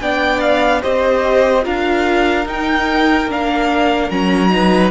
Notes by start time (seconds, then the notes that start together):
0.00 B3 D4 D5 G5
0.40 F5
0.82 C4 G4 C5 D#5
1.62 D4 F4 A#4 F5
2.45 D#4 G5
3.28 A#3 D4 F5
4.10 F#3 C#4 A#5
4.49 D#4 B4